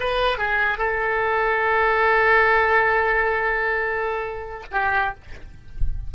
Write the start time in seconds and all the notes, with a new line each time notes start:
0.00 B4
0.38 G#4
0.78 A4
4.71 G4